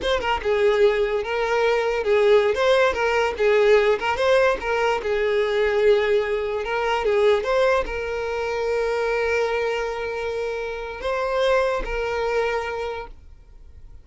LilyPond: \new Staff \with { instrumentName = "violin" } { \time 4/4 \tempo 4 = 147 c''8 ais'8 gis'2 ais'4~ | ais'4 gis'4~ gis'16 c''4 ais'8.~ | ais'16 gis'4. ais'8 c''4 ais'8.~ | ais'16 gis'2.~ gis'8.~ |
gis'16 ais'4 gis'4 c''4 ais'8.~ | ais'1~ | ais'2. c''4~ | c''4 ais'2. | }